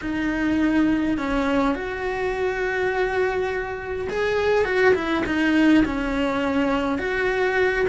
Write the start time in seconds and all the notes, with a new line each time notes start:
0.01 D#4
1.17 C#4
1.74 F#4
4.09 G#4
4.64 F#4
4.94 E4
5.26 D#4
5.85 C#4
6.98 F#4